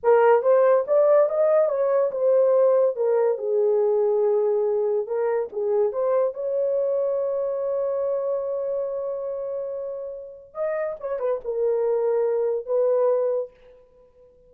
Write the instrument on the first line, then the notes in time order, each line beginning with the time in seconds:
horn
0.03 A#4
0.42 C5
0.87 D5
1.29 D#5
1.68 C#5
2.11 C5
2.96 A#4
3.38 G#4
5.06 A#4
5.52 G#4
5.92 C5
6.34 C#5
10.53 D#5
11.00 C#5
11.19 B4
11.44 A#4
12.65 B4